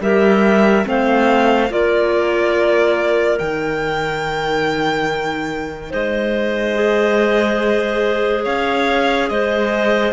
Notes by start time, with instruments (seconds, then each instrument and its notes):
0.00 cello G3, clarinet G4 A#4, violin E5
0.83 cello A3, clarinet C4 C5, violin F5
1.69 cello A#3, clarinet F4 A#4, violin D5
3.38 cello D#3, clarinet D#4, violin G5
5.90 cello G#3, clarinet C5, violin D#5
6.74 clarinet G#4
8.43 cello C#4, clarinet C#5, violin F5
9.29 cello G#3, clarinet C5, violin D#5